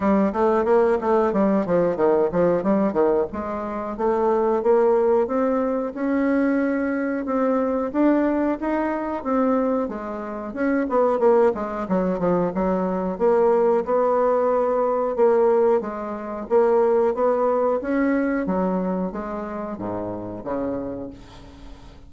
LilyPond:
\new Staff \with { instrumentName = "bassoon" } { \time 4/4 \tempo 4 = 91 g8 a8 ais8 a8 g8 f8 dis8 f8 | g8 dis8 gis4 a4 ais4 | c'4 cis'2 c'4 | d'4 dis'4 c'4 gis4 |
cis'8 b8 ais8 gis8 fis8 f8 fis4 | ais4 b2 ais4 | gis4 ais4 b4 cis'4 | fis4 gis4 gis,4 cis4 | }